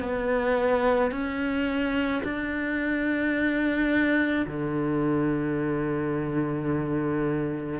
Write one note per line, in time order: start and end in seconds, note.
0.00 1.11 B3
1.11 2.22 C#4
2.24 4.46 D4
4.46 7.80 D3